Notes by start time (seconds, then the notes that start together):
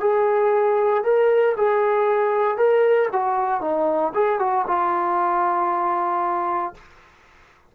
0.00 G#4
1.03 A#4
1.57 G#4
2.57 A#4
3.12 F#4
3.61 D#4
4.14 G#4
4.39 F#4
4.67 F4